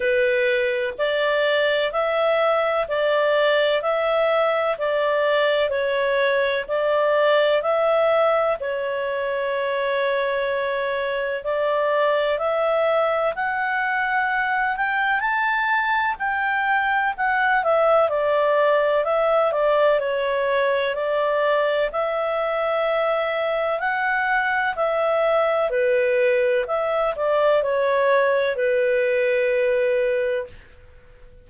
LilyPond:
\new Staff \with { instrumentName = "clarinet" } { \time 4/4 \tempo 4 = 63 b'4 d''4 e''4 d''4 | e''4 d''4 cis''4 d''4 | e''4 cis''2. | d''4 e''4 fis''4. g''8 |
a''4 g''4 fis''8 e''8 d''4 | e''8 d''8 cis''4 d''4 e''4~ | e''4 fis''4 e''4 b'4 | e''8 d''8 cis''4 b'2 | }